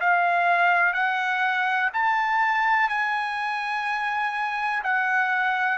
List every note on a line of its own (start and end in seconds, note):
0.00 0.93 F5
0.93 1.90 F#5
1.93 2.89 A5
2.89 4.82 G#5
4.83 5.78 F#5